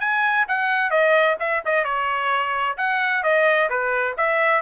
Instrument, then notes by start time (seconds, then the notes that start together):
trumpet
0.00 G#5
0.48 F#5
0.90 D#5
1.40 E5
1.65 D#5
1.85 C#5
2.77 F#5
3.23 D#5
3.70 B4
4.17 E5